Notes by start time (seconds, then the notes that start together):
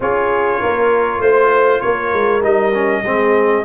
0.00 C#4 F4 G#4 C#5
0.59 A#3 A#4
1.20 A3 C5
1.80 A#3 A#4 C#5
2.13 G#3
2.41 G3 D#4 D#5
2.73 C#4
3.04 G#3 C4 G#4